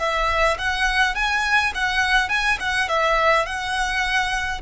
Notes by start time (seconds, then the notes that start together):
0.00 E5
0.59 F#5
1.15 G#5
1.75 F#5
2.29 G#5
2.60 F#5
2.89 E5
3.46 F#5